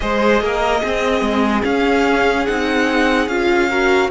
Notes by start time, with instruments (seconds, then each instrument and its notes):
0.00 cello G#3, viola G#4, violin C5 D#5
0.41 cello A#3, violin A#4
0.80 viola C4, cello C4, violin G#4
1.21 cello G#3
1.63 viola C#4, cello C#4, violin F5
2.46 cello C4, viola D#4, violin F#5
3.27 cello C#4, viola F4, violin F5
3.69 viola F#4, violin A#4